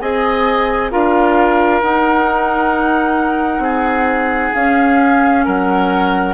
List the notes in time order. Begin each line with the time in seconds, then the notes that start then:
0.00 C4 G#4 D#5 G#5
0.91 D4 F4 A#4 F5
1.82 D#4 F#5
3.59 C4 G#4
4.54 C#4 F5
5.45 F#3 A#4 F#5